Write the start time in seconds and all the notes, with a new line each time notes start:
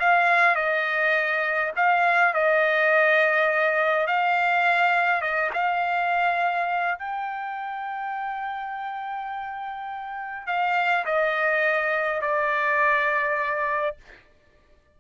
0.00 F5
0.56 D#5
1.77 F5
2.34 D#5
4.07 F5
5.22 D#5
5.54 F5
6.99 G5
10.47 F5
11.06 D#5
12.21 D5